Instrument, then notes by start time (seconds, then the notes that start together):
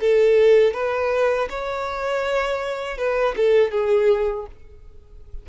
violin
0.00 A4
0.73 B4
1.49 C#5
2.97 B4
3.36 A4
3.71 G#4